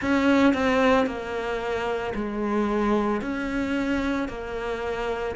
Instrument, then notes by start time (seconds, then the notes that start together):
cello
0.01 C#4
0.54 C4
1.06 A#3
2.14 G#3
3.21 C#4
4.28 A#3